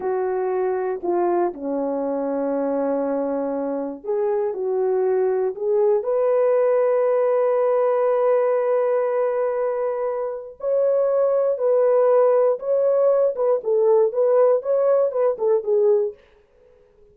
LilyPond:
\new Staff \with { instrumentName = "horn" } { \time 4/4 \tempo 4 = 119 fis'2 f'4 cis'4~ | cis'1 | gis'4 fis'2 gis'4 | b'1~ |
b'1~ | b'4 cis''2 b'4~ | b'4 cis''4. b'8 a'4 | b'4 cis''4 b'8 a'8 gis'4 | }